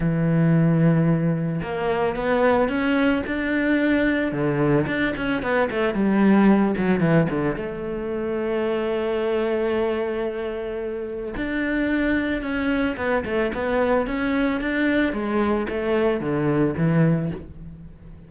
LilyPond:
\new Staff \with { instrumentName = "cello" } { \time 4/4 \tempo 4 = 111 e2. ais4 | b4 cis'4 d'2 | d4 d'8 cis'8 b8 a8 g4~ | g8 fis8 e8 d8 a2~ |
a1~ | a4 d'2 cis'4 | b8 a8 b4 cis'4 d'4 | gis4 a4 d4 e4 | }